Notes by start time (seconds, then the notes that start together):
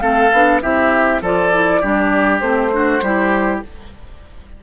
0.00 A3 C4 A4 F5
0.32 B3 D4
0.61 C4 E4 G4 E5
1.21 F3 F4 A4 D5
1.52 E4
1.81 G3 D4 G4
2.40 A3 C4 C5
2.71 D4 F#4
3.02 G3 E4 G4